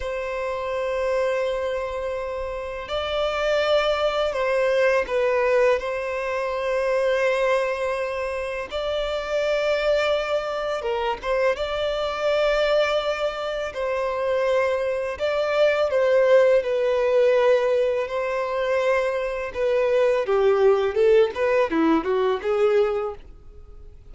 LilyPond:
\new Staff \with { instrumentName = "violin" } { \time 4/4 \tempo 4 = 83 c''1 | d''2 c''4 b'4 | c''1 | d''2. ais'8 c''8 |
d''2. c''4~ | c''4 d''4 c''4 b'4~ | b'4 c''2 b'4 | g'4 a'8 b'8 e'8 fis'8 gis'4 | }